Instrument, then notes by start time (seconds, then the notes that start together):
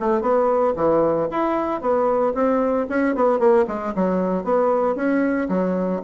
bassoon
0.00 A3
0.21 B3
0.76 E3
1.31 E4
1.81 B3
2.34 C4
2.89 C#4
3.15 B3
3.39 A#3
3.67 G#3
3.95 F#3
4.44 B3
4.96 C#4
5.49 F#3